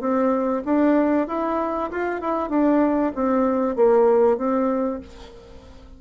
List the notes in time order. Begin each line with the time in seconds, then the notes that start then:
0.00 C4
0.64 D4
1.27 E4
1.91 F4
2.21 E4
2.49 D4
3.14 C4
3.75 A#3
4.37 C4